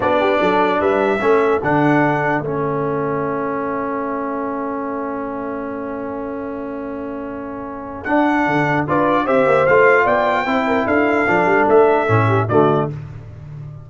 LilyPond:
<<
  \new Staff \with { instrumentName = "trumpet" } { \time 4/4 \tempo 4 = 149 d''2 e''2 | fis''2 e''2~ | e''1~ | e''1~ |
e''1 | fis''2 d''4 e''4 | f''4 g''2 f''4~ | f''4 e''2 d''4 | }
  \new Staff \with { instrumentName = "horn" } { \time 4/4 fis'8 g'8 a'4 b'4 a'4~ | a'1~ | a'1~ | a'1~ |
a'1~ | a'2 b'4 c''4~ | c''4 d''4 c''8 ais'8 a'4~ | a'2~ a'8 g'8 fis'4 | }
  \new Staff \with { instrumentName = "trombone" } { \time 4/4 d'2. cis'4 | d'2 cis'2~ | cis'1~ | cis'1~ |
cis'1 | d'2 f'4 g'4 | f'2 e'2 | d'2 cis'4 a4 | }
  \new Staff \with { instrumentName = "tuba" } { \time 4/4 b4 fis4 g4 a4 | d2 a2~ | a1~ | a1~ |
a1 | d'4 d4 d'4 c'8 ais8 | a4 b4 c'4 d'4 | f8 g8 a4 a,4 d4 | }
>>